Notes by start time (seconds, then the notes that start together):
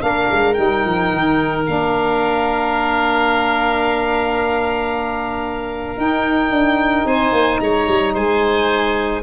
0.00 A#3 D4 A#4 F5
0.32 G#3
0.54 G3 D#4 G5
0.86 F3
1.13 D#3
1.66 A#3 D4 F5
5.97 D#4 G5
6.51 D4
7.05 C4 C5 G#5
7.32 A#3
7.60 G#3 C#5 A#5
7.88 G3
8.14 G#3 C5 G#5